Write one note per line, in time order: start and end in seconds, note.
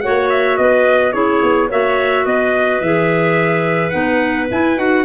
0.00 0.58 A#3
0.00 1.12 F#4
0.00 0.58 C#5
0.00 0.28 F#5
0.29 0.57 E5
0.57 1.13 B3
0.57 1.13 B4
0.57 1.12 D#5
1.12 1.41 C#4
1.12 1.68 E4
1.12 1.68 G#4
1.12 1.68 C#5
1.42 1.70 B3
1.68 2.25 A#3
1.68 2.82 F#4
1.68 2.24 C#5
1.68 2.25 E5
2.25 2.80 B3
2.25 5.05 B4
2.25 2.81 D#5
2.80 3.93 E3
2.80 3.91 G#4
2.80 3.90 E5
3.90 4.50 B3
3.90 4.47 D#4
3.90 4.46 F#5
4.50 4.77 E4
4.50 4.76 E4
4.50 4.79 G#5
4.76 5.05 D#4
4.76 5.04 F#4
4.76 5.05 F#5